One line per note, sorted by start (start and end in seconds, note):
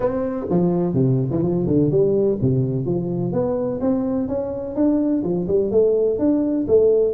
0.00 0.46 C4
0.49 0.93 F3
0.93 1.29 C3
1.30 1.42 E3
1.42 1.66 F3
1.66 1.90 D3
1.90 2.38 G3
2.41 2.85 C3
2.85 3.32 F3
3.32 3.80 B3
3.81 4.27 C4
4.27 4.75 C#4
4.75 5.23 D4
5.23 5.47 F3
5.47 5.71 G3
5.71 6.18 A3
6.19 6.66 D4
6.67 7.13 A3